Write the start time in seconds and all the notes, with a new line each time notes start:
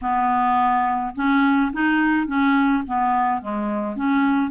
0.01 B3
1.15 C#4
1.72 D#4
2.26 C#4
2.86 B3
3.41 G#3
3.96 C#4